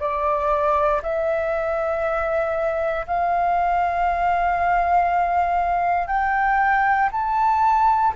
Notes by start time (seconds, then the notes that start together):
0.00 D5
1.03 E5
3.07 F5
6.08 G5
7.12 A5